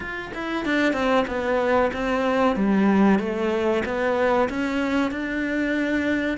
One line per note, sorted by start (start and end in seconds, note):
0.00 0.32 F4
0.34 0.65 E4
0.65 0.93 D4
0.93 1.24 C4
1.27 1.91 B3
1.93 2.55 C4
2.55 3.19 G3
3.19 3.83 A3
3.85 4.49 B3
4.49 5.11 C#4
5.11 6.37 D4